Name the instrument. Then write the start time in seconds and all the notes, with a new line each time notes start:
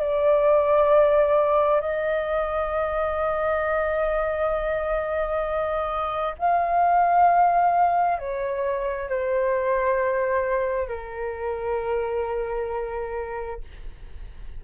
flute
0.00 D5
1.81 D#5
6.38 F5
8.19 C#5
9.09 C5
10.88 A#4